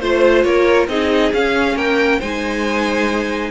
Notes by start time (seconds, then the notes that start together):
0.00 A3 F4 C5
0.43 A#3 A#4 C#5
0.88 C4 D#4 G#4 D#5
1.33 C#4 F5
1.75 A#3 A#4 G5
2.19 G#3 D#4 C5 G#5